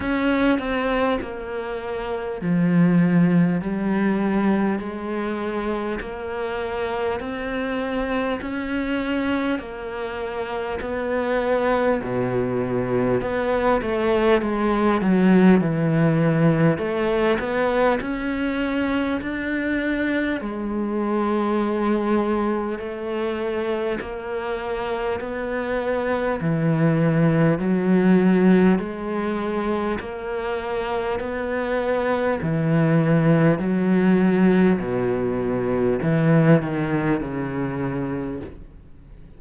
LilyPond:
\new Staff \with { instrumentName = "cello" } { \time 4/4 \tempo 4 = 50 cis'8 c'8 ais4 f4 g4 | gis4 ais4 c'4 cis'4 | ais4 b4 b,4 b8 a8 | gis8 fis8 e4 a8 b8 cis'4 |
d'4 gis2 a4 | ais4 b4 e4 fis4 | gis4 ais4 b4 e4 | fis4 b,4 e8 dis8 cis4 | }